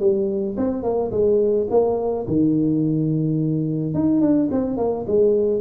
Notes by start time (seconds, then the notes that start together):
0.00 G3
0.57 C4
0.83 A#3
1.11 G#3
1.70 A#3
2.28 D#3
3.94 D#4
4.21 D4
4.51 C4
4.77 A#3
5.07 G#3